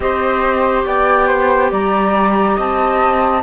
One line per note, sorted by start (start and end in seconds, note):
0.00 0.85 C4
0.00 3.42 G4
0.00 0.85 C5
0.00 0.83 D#5
0.85 1.71 B3
0.85 1.27 D5
0.85 1.72 G5
1.27 1.70 C5
1.71 2.57 G3
1.71 2.55 D5
1.71 2.58 A#5
2.55 3.42 C4
2.55 3.41 D#5
2.55 3.42 A5